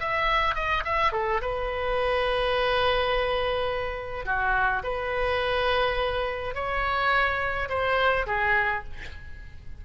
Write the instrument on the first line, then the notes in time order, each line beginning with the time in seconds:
oboe
0.00 E5
0.55 D#5
0.85 E5
1.12 A4
1.41 B4
4.26 F#4
4.84 B4
6.55 C#5
7.69 C5
8.27 G#4